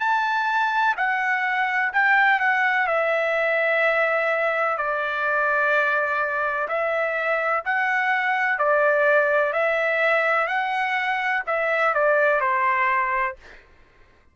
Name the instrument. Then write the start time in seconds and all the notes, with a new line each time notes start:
trumpet
0.00 A5
0.97 F#5
1.94 G5
2.40 F#5
2.88 E5
4.78 D5
6.69 E5
7.66 F#5
8.59 D5
9.53 E5
10.48 F#5
11.47 E5
11.95 D5
12.41 C5